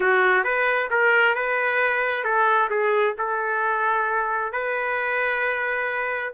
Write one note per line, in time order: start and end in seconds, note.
0.00 0.43 F#4
0.43 0.89 B4
0.90 1.35 A#4
1.35 2.23 B4
2.23 2.68 A4
2.69 3.15 G#4
3.17 4.52 A4
4.52 6.32 B4